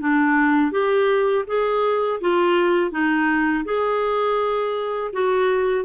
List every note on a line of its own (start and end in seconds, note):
0.00 0.72 D4
0.72 1.45 G4
1.47 2.20 G#4
2.21 2.91 F4
2.91 3.64 D#4
3.65 5.11 G#4
5.13 5.85 F#4